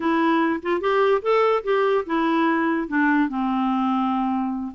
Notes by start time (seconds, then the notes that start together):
0.00 E4
0.62 F4
0.80 G4
1.22 A4
1.63 G4
2.06 E4
2.87 D4
3.29 C4